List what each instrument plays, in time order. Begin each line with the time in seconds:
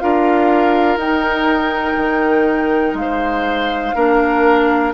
0.00 bassoon D4, clarinet F4, oboe A#4, flute F5
0.97 bassoon D#4, clarinet D#4, flute G5
1.97 bassoon D#3
2.94 bassoon G#3, flute F5
3.01 oboe C5
3.95 bassoon A#3, clarinet D4, oboe A#4